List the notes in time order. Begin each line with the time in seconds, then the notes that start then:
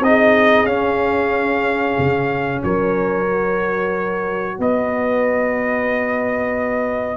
0.00 C4 D#4 D#5
0.07 G#4
0.65 C#4 F5
1.99 C#3
2.64 F#3 A#4 C#5
3.27 F#4
4.59 B3 B4 D#5